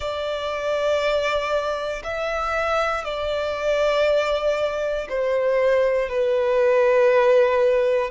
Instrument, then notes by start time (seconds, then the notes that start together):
violin
0.00 D5
2.03 E5
3.04 D5
5.09 C5
6.09 B4